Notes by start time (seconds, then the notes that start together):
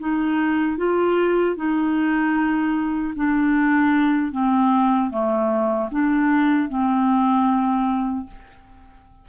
0.00 D#4
0.78 F4
1.56 D#4
3.16 D4
4.32 C4
5.11 A3
5.91 D4
6.69 C4